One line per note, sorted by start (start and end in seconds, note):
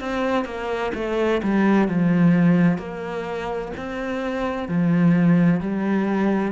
0.00 0.45 C4
0.45 0.92 A#3
0.95 1.41 A3
1.43 1.88 G3
1.88 2.78 F3
2.78 3.72 A#3
3.77 4.68 C4
4.68 5.60 F3
5.60 6.52 G3